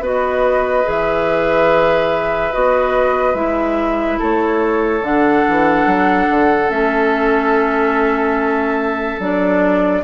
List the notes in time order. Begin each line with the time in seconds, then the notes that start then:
0.00 B3 F#4 B4 D#5
0.84 E3 G#4 E5
2.53 B3 F#4 D#5
3.34 G#3 E4 E5
4.18 A3 A4 C#5
5.01 D3 D4 F#5
5.48 E3
5.86 F#3
6.30 D3
6.69 A3 C#4 E5
9.19 F#3 D4 D5